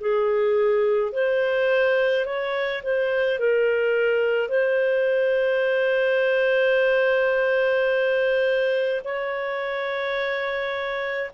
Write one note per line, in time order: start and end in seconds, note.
0.00 1.12 G#4
1.12 2.25 C5
2.25 2.82 C#5
2.83 3.39 C5
3.39 4.48 A#4
4.48 9.01 C5
9.04 11.31 C#5